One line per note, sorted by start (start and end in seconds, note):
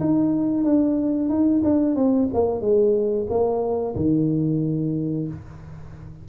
0.00 0.64 D#4
0.64 1.29 D4
1.29 1.62 D#4
1.64 1.96 D4
1.96 2.29 C4
2.33 2.61 A#3
2.61 3.27 G#3
3.29 3.95 A#3
3.96 5.27 D#3